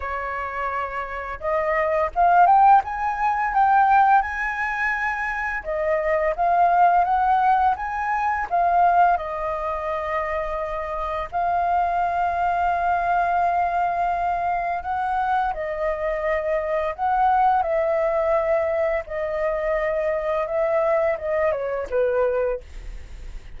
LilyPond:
\new Staff \with { instrumentName = "flute" } { \time 4/4 \tempo 4 = 85 cis''2 dis''4 f''8 g''8 | gis''4 g''4 gis''2 | dis''4 f''4 fis''4 gis''4 | f''4 dis''2. |
f''1~ | f''4 fis''4 dis''2 | fis''4 e''2 dis''4~ | dis''4 e''4 dis''8 cis''8 b'4 | }